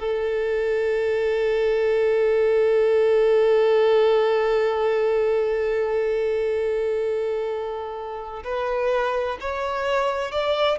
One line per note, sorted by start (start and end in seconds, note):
0.00 8.44 A4
8.45 9.38 B4
9.41 10.32 C#5
10.32 10.79 D5